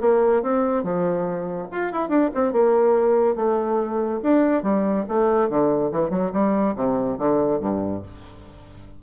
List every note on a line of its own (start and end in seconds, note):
0.00 0.42 A#3
0.42 0.83 C4
0.83 1.67 F3
1.71 1.92 F4
1.92 2.09 E4
2.09 2.30 D4
2.34 2.52 C4
2.52 3.35 A#3
3.35 4.20 A3
4.22 4.62 D4
4.62 5.05 G3
5.08 5.49 A3
5.49 5.91 D3
5.91 6.10 E3
6.10 6.31 F#3
6.32 6.75 G3
6.75 7.18 C3
7.18 7.60 D3
7.60 8.02 G2